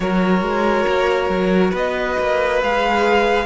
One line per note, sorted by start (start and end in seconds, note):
0.00 0.41 F#3
0.00 2.62 F#4
0.00 1.70 A#4
0.00 1.74 C#5
0.41 0.85 G#3
0.87 1.29 A#3
1.29 1.72 F#3
1.70 2.16 B3
1.70 3.44 B4
1.70 2.62 D#5
2.18 2.62 A#3
2.62 3.46 G#3
2.62 3.46 G#4
2.62 3.46 F5